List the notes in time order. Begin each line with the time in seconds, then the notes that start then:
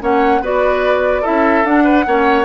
0.00 A#3 C#4 C#5 F#5
0.41 B3 F#4 B4 D5
1.21 E4 A4 E5
1.28 C#4
1.64 D4 F#5
1.84 B4
2.06 A#3 C#4 C#5